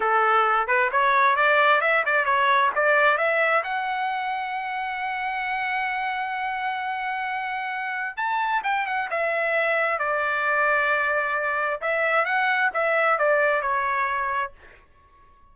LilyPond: \new Staff \with { instrumentName = "trumpet" } { \time 4/4 \tempo 4 = 132 a'4. b'8 cis''4 d''4 | e''8 d''8 cis''4 d''4 e''4 | fis''1~ | fis''1~ |
fis''2 a''4 g''8 fis''8 | e''2 d''2~ | d''2 e''4 fis''4 | e''4 d''4 cis''2 | }